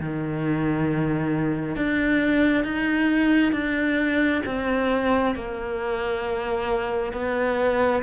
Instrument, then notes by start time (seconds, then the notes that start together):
cello
0.00 D#3
1.76 D4
2.64 D#4
3.53 D4
4.46 C4
5.36 A#3
7.13 B3